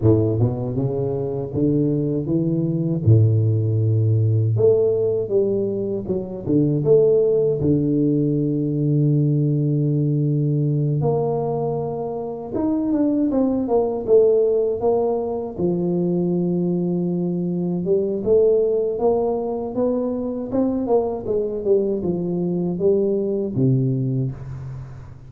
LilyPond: \new Staff \with { instrumentName = "tuba" } { \time 4/4 \tempo 4 = 79 a,8 b,8 cis4 d4 e4 | a,2 a4 g4 | fis8 d8 a4 d2~ | d2~ d8 ais4.~ |
ais8 dis'8 d'8 c'8 ais8 a4 ais8~ | ais8 f2. g8 | a4 ais4 b4 c'8 ais8 | gis8 g8 f4 g4 c4 | }